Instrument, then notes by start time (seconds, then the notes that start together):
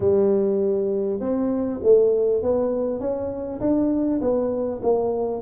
tuba
0.00 G3
1.19 C4
1.82 A3
2.42 B3
3.00 C#4
3.60 D4
4.21 B3
4.82 A#3